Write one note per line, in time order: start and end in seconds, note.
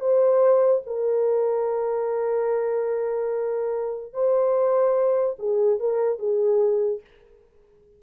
0.00 0.82 C5
0.87 4.13 A#4
4.13 5.36 C5
5.39 5.80 G#4
5.80 6.19 A#4
6.19 7.01 G#4